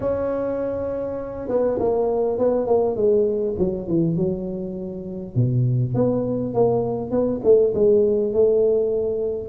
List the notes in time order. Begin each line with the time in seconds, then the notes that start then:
0.00 C#4
1.48 B3
1.79 A#3
2.38 B3
2.66 A#3
2.95 G#3
3.58 F#3
3.87 E3
4.16 F#3
5.35 B2
5.94 B3
6.54 A#3
7.10 B3
7.44 A3
7.74 G#3
8.33 A3